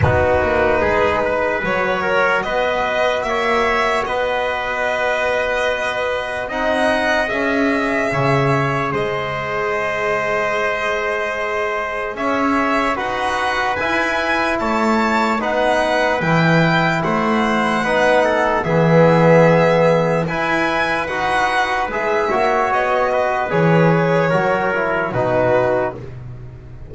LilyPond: <<
  \new Staff \with { instrumentName = "violin" } { \time 4/4 \tempo 4 = 74 b'2 cis''4 dis''4 | e''4 dis''2. | fis''4 e''2 dis''4~ | dis''2. e''4 |
fis''4 gis''4 a''4 fis''4 | g''4 fis''2 e''4~ | e''4 gis''4 fis''4 e''4 | dis''4 cis''2 b'4 | }
  \new Staff \with { instrumentName = "trumpet" } { \time 4/4 fis'4 gis'8 b'4 ais'8 b'4 | cis''4 b'2. | dis''2 cis''4 c''4~ | c''2. cis''4 |
b'2 cis''4 b'4~ | b'4 c''4 b'8 a'8 gis'4~ | gis'4 b'2~ b'8 cis''8~ | cis''8 b'4. ais'4 fis'4 | }
  \new Staff \with { instrumentName = "trombone" } { \time 4/4 dis'2 fis'2~ | fis'1 | dis'4 gis'2.~ | gis'1 |
fis'4 e'2 dis'4 | e'2 dis'4 b4~ | b4 e'4 fis'4 gis'8 fis'8~ | fis'4 gis'4 fis'8 e'8 dis'4 | }
  \new Staff \with { instrumentName = "double bass" } { \time 4/4 b8 ais8 gis4 fis4 b4 | ais4 b2. | c'4 cis'4 cis4 gis4~ | gis2. cis'4 |
dis'4 e'4 a4 b4 | e4 a4 b4 e4~ | e4 e'4 dis'4 gis8 ais8 | b4 e4 fis4 b,4 | }
>>